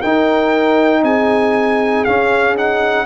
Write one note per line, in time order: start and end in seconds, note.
0.00 1.03 D#4
0.00 2.07 D#4
0.00 1.02 A#4
0.00 1.03 G5
1.03 2.05 C4
1.03 3.06 G#4
1.03 2.05 G#5
2.05 2.57 C#4
2.05 3.06 C#4
2.05 2.56 F5
2.57 3.06 D#4
2.57 3.06 F#5